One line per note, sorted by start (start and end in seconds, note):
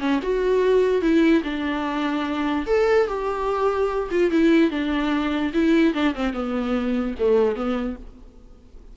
0.00 0.20 C#4
0.23 1.02 F#4
1.02 1.43 E4
1.44 2.66 D4
2.67 3.08 A4
3.08 4.10 G4
4.12 4.31 F4
4.31 4.71 E4
4.71 5.53 D4
5.54 5.94 E4
5.94 6.15 D4
6.15 6.34 C4
6.34 7.15 B3
7.19 7.56 A3
7.56 7.97 B3